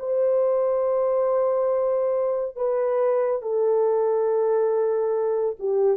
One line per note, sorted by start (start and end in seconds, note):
0.00 2.57 C5
2.57 3.42 B4
3.42 5.57 A4
5.59 5.98 G4